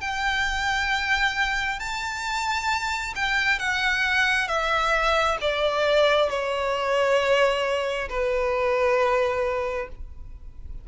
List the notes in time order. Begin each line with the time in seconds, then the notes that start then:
0.00 G5
1.79 A5
3.15 G5
3.59 F#5
4.47 E5
5.41 D5
6.29 C#5
8.09 B4